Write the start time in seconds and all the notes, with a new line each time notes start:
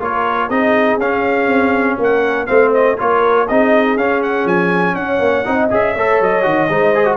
0.00 A#3 F4 A#4 C#5
0.50 C4 D#4 G#4 D#5
0.98 C#4 F5
1.47 C4
1.99 A#3 A#4 F#5
2.47 A3 C4 C5 F5
2.74 D#5
2.98 A#3 F4 A#4 C#5
3.47 C4 D#4 G#4 D#5
3.97 C#4 F5
4.23 F#5
4.45 F3 G#5
4.95 C#4 C#5 F#5
5.20 A#3
5.45 C4 D#4 D#5
5.71 C#4 G#4 E5
5.95 A3 A4 C#5
6.21 F#3 D#5
6.43 D#3 F#4
6.70 G#3 D#4 C5
6.95 G#4
7.06 F#4